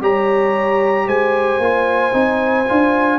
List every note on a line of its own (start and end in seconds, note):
0.00 1.06 G3
0.00 1.62 G4
0.00 1.06 C#5
0.00 1.08 A#5
1.06 1.58 G#3
1.06 3.19 C5
1.06 3.19 G#5
1.58 2.12 A#3
1.58 2.12 F4
2.12 2.67 C4
2.12 2.65 D#4
2.68 3.19 D4
2.68 3.19 F4